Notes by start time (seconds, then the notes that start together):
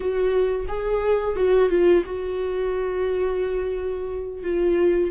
0.00 F#4
0.68 G#4
1.35 F#4
1.69 F4
2.05 F#4
4.43 F4